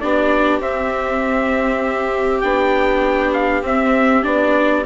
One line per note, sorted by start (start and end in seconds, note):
0.00 0.60 B3
0.00 0.60 D4
0.00 4.85 G4
0.00 0.61 D5
0.60 2.42 C4
0.60 2.41 E5
2.41 3.62 B3
2.41 3.63 D4
2.41 3.32 G5
3.33 3.64 F5
3.62 4.23 C4
3.62 4.22 C4
3.62 4.24 E5
4.22 4.85 B3
4.22 4.83 D4
4.22 4.85 D5